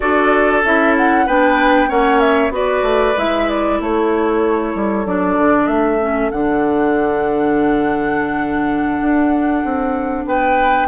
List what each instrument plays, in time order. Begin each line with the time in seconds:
0.00 bassoon D4, clarinet F#4, oboe A4, flute D5
0.64 bassoon C#4, clarinet E4, flute E5
0.97 flute F#5
1.26 bassoon B3, clarinet D4, oboe B4, flute G5
1.87 bassoon A#3, clarinet C#4, oboe C#5, flute F#5
2.20 flute E5
2.50 bassoon B3, clarinet F#4, oboe B4, flute D5
2.82 bassoon A3
3.17 bassoon G#3, clarinet E4, flute E5
3.49 flute D5
3.79 bassoon A3, oboe A4, flute C#5
4.74 bassoon G3
5.05 bassoon F#3, clarinet D4, flute D5
5.37 bassoon D3
5.66 bassoon A3, flute E5
6.00 clarinet C#4
6.31 bassoon D3, clarinet D4, flute F#5
9.00 bassoon D4
9.64 bassoon C4
10.25 bassoon B3, oboe B4, flute G5